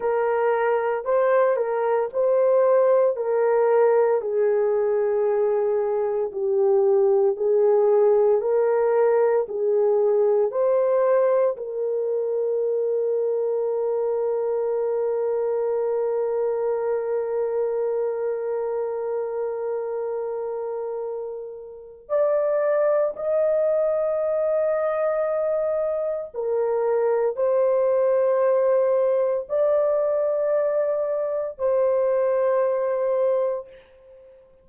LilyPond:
\new Staff \with { instrumentName = "horn" } { \time 4/4 \tempo 4 = 57 ais'4 c''8 ais'8 c''4 ais'4 | gis'2 g'4 gis'4 | ais'4 gis'4 c''4 ais'4~ | ais'1~ |
ais'1~ | ais'4 d''4 dis''2~ | dis''4 ais'4 c''2 | d''2 c''2 | }